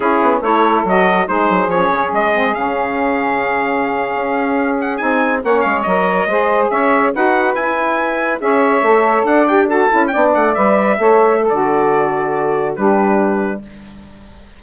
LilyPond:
<<
  \new Staff \with { instrumentName = "trumpet" } { \time 4/4 \tempo 4 = 141 gis'4 cis''4 dis''4 c''4 | cis''4 dis''4 f''2~ | f''2.~ f''16 fis''8 gis''16~ | gis''8. fis''8 f''8 dis''2 e''16~ |
e''8. fis''4 gis''2 e''16~ | e''4.~ e''16 fis''8 g''8 a''4 g''16~ | g''16 fis''8 e''2~ e''16 d''4~ | d''2 b'2 | }
  \new Staff \with { instrumentName = "saxophone" } { \time 4/4 e'4 a'2 gis'4~ | gis'1~ | gis'1~ | gis'8. cis''2 c''4 cis''16~ |
cis''8. b'2. cis''16~ | cis''4.~ cis''16 d''4 a'4 d''16~ | d''4.~ d''16 cis''4 a'4~ a'16~ | a'2 g'2 | }
  \new Staff \with { instrumentName = "saxophone" } { \time 4/4 cis'4 e'4 fis'4 dis'4 | cis'4. c'8 cis'2~ | cis'2.~ cis'8. dis'16~ | dis'8. cis'4 ais'4 gis'4~ gis'16~ |
gis'8. fis'4 e'2 gis'16~ | gis'8. a'4. g'8 fis'8 e'8 d'16~ | d'8. b'4 a'4~ a'16 fis'4~ | fis'2 d'2 | }
  \new Staff \with { instrumentName = "bassoon" } { \time 4/4 cis'8 b8 a4 fis4 gis8 fis8 | f8 cis8 gis4 cis2~ | cis4.~ cis16 cis'2 c'16~ | c'8. ais8 gis8 fis4 gis4 cis'16~ |
cis'8. dis'4 e'2 cis'16~ | cis'8. a4 d'4. cis'8 b16~ | b16 a8 g4 a4~ a16 d4~ | d2 g2 | }
>>